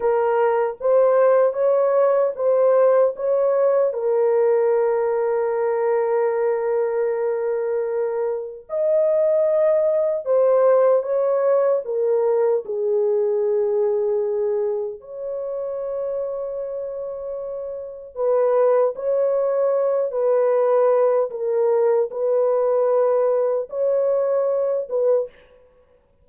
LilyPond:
\new Staff \with { instrumentName = "horn" } { \time 4/4 \tempo 4 = 76 ais'4 c''4 cis''4 c''4 | cis''4 ais'2.~ | ais'2. dis''4~ | dis''4 c''4 cis''4 ais'4 |
gis'2. cis''4~ | cis''2. b'4 | cis''4. b'4. ais'4 | b'2 cis''4. b'8 | }